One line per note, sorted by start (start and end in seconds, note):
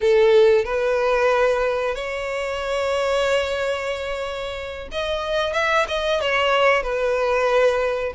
0.00 0.64 A4
0.64 1.95 B4
1.95 4.88 C#5
4.91 5.53 D#5
5.53 5.85 E5
5.88 6.20 D#5
6.20 6.82 C#5
6.82 8.13 B4